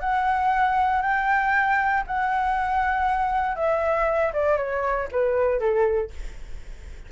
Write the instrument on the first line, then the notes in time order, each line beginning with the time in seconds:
flute
0.00 F#5
1.02 G5
2.07 F#5
3.55 E5
4.33 D5
4.57 C#5
5.11 B4
5.59 A4